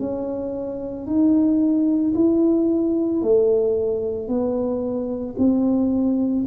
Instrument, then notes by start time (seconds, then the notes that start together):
tuba
0.00 C#4
1.07 D#4
2.15 E4
3.22 A3
4.29 B3
5.38 C4